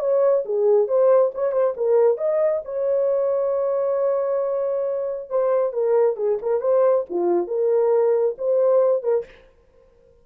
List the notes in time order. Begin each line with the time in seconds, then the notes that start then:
0.00 C#5
0.45 G#4
0.88 C5
1.35 C#5
1.52 C5
1.77 A#4
2.18 D#5
2.65 C#5
5.30 C5
5.73 A#4
6.17 G#4
6.42 A#4
6.61 C5
7.10 F4
7.48 A#4
8.38 C5
9.03 A#4